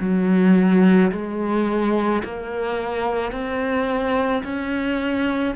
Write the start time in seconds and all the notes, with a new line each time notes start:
0.00 F#3
1.12 G#3
2.24 A#3
3.32 C4
4.44 C#4